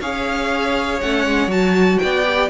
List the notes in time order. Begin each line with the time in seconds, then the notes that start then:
0.00 C#4 G#4 C#5 F5
1.00 A3 C#4 F#5
1.27 G#3
1.47 F#3 F#4 A5
1.98 B3 D5 G5
2.25 G4